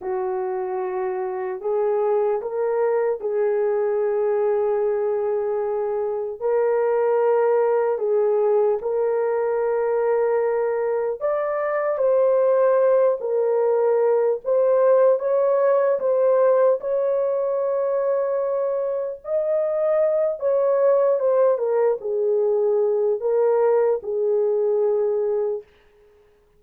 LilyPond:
\new Staff \with { instrumentName = "horn" } { \time 4/4 \tempo 4 = 75 fis'2 gis'4 ais'4 | gis'1 | ais'2 gis'4 ais'4~ | ais'2 d''4 c''4~ |
c''8 ais'4. c''4 cis''4 | c''4 cis''2. | dis''4. cis''4 c''8 ais'8 gis'8~ | gis'4 ais'4 gis'2 | }